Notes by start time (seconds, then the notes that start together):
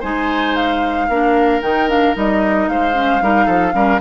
0.00 G#3 D#4 C5 G#5
0.55 F5
1.08 A#3 D4 A#4
1.62 D#3 D#4 G5
1.89 D4 F5
2.15 G3 D#4 D#5
2.68 G#3 C5 F5
2.94 C#4
3.21 G3 D#4 A#4
3.46 F3 A4
3.73 G3 C#4 A#4